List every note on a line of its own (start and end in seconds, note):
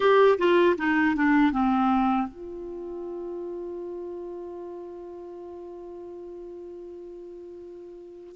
0.00 0.38 G4
0.38 0.76 F4
0.77 1.15 D#4
1.15 1.52 D4
1.52 2.28 C4
2.28 8.35 F4